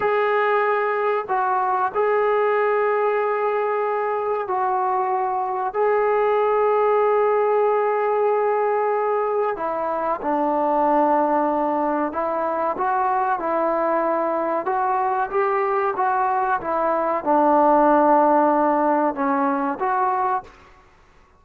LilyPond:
\new Staff \with { instrumentName = "trombone" } { \time 4/4 \tempo 4 = 94 gis'2 fis'4 gis'4~ | gis'2. fis'4~ | fis'4 gis'2.~ | gis'2. e'4 |
d'2. e'4 | fis'4 e'2 fis'4 | g'4 fis'4 e'4 d'4~ | d'2 cis'4 fis'4 | }